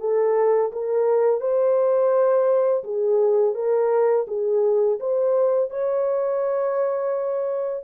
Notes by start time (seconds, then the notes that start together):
0.00 A4
0.72 A#4
1.41 C5
2.84 G#4
3.55 A#4
4.28 G#4
5.00 C5
5.70 C#5